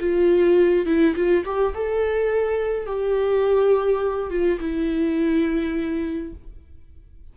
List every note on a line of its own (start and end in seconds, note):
0.00 0.86 F4
0.86 1.15 E4
1.16 1.45 F4
1.45 1.74 G4
1.75 2.86 A4
2.86 4.31 G4
4.31 4.59 F4
4.60 6.33 E4